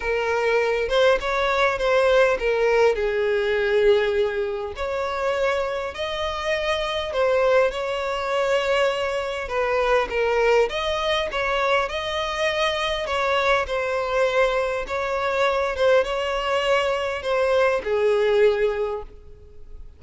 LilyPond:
\new Staff \with { instrumentName = "violin" } { \time 4/4 \tempo 4 = 101 ais'4. c''8 cis''4 c''4 | ais'4 gis'2. | cis''2 dis''2 | c''4 cis''2. |
b'4 ais'4 dis''4 cis''4 | dis''2 cis''4 c''4~ | c''4 cis''4. c''8 cis''4~ | cis''4 c''4 gis'2 | }